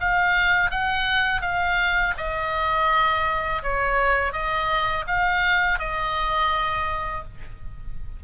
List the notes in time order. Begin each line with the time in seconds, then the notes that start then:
0.00 F5
0.70 F#5
1.41 F5
2.17 D#5
3.62 C#5
4.32 D#5
5.06 F5
5.79 D#5